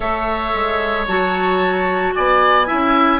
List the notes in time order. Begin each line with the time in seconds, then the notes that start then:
0.00 A3 A4 C#5 E5
0.54 G#3
1.07 F#3 F#4 A5
2.15 B3 D5 G#5
2.66 C#4 E4 E5